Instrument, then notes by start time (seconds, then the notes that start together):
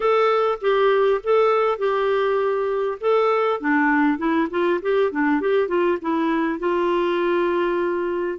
clarinet
0.00 A4
0.61 G4
1.23 A4
1.78 G4
3.00 A4
3.60 D4
4.18 E4
4.50 F4
4.82 G4
5.11 D4
5.41 G4
5.68 F4
6.01 E4
6.59 F4